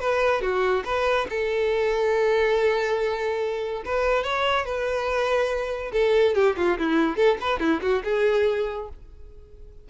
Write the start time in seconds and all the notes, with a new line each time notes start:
0.00 B4
0.41 F#4
0.85 B4
1.30 A4
3.85 B4
4.24 C#5
4.65 B4
5.93 A4
6.35 G4
6.57 F4
6.78 E4
7.17 A4
7.41 B4
7.60 E4
7.81 F#4
8.04 G#4